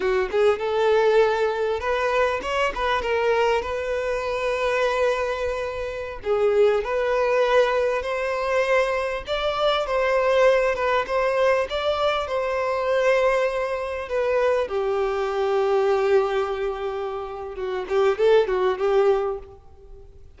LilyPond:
\new Staff \with { instrumentName = "violin" } { \time 4/4 \tempo 4 = 99 fis'8 gis'8 a'2 b'4 | cis''8 b'8 ais'4 b'2~ | b'2~ b'16 gis'4 b'8.~ | b'4~ b'16 c''2 d''8.~ |
d''16 c''4. b'8 c''4 d''8.~ | d''16 c''2. b'8.~ | b'16 g'2.~ g'8.~ | g'4 fis'8 g'8 a'8 fis'8 g'4 | }